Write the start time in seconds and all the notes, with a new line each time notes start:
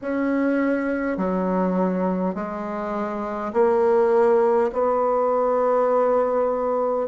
0.01 C#4
1.17 F#3
2.34 G#3
3.53 A#3
4.72 B3